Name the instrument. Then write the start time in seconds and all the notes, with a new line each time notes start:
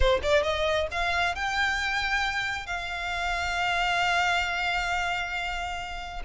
violin
0.00 C5
0.22 D5
0.43 D#5
0.91 F5
1.35 G5
2.66 F5